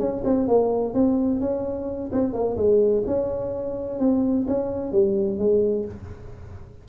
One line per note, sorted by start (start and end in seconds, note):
0.00 0.23 C#4
0.25 0.48 C4
0.48 0.94 A#3
0.94 1.41 C4
1.41 2.11 C#4
2.13 2.34 C4
2.34 2.57 A#3
2.57 3.04 G#3
3.07 4.00 C#4
4.00 4.47 C4
4.48 4.92 C#4
4.92 5.39 G3
5.39 5.86 G#3